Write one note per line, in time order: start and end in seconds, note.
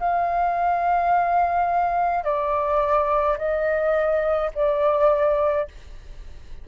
0.00 2.24 F5
2.24 3.38 D5
3.38 4.51 D#5
4.55 5.69 D5